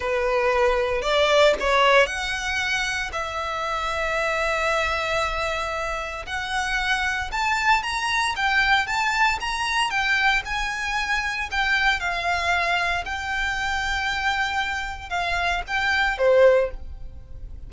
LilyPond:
\new Staff \with { instrumentName = "violin" } { \time 4/4 \tempo 4 = 115 b'2 d''4 cis''4 | fis''2 e''2~ | e''1 | fis''2 a''4 ais''4 |
g''4 a''4 ais''4 g''4 | gis''2 g''4 f''4~ | f''4 g''2.~ | g''4 f''4 g''4 c''4 | }